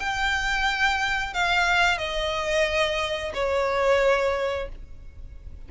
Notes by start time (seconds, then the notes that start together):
0.00 G5
1.34 F5
1.98 D#5
3.34 C#5